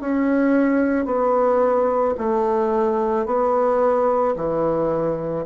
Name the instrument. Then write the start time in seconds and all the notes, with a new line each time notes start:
bassoon
0.00 C#4
1.05 B3
2.18 A3
3.25 B3
4.36 E3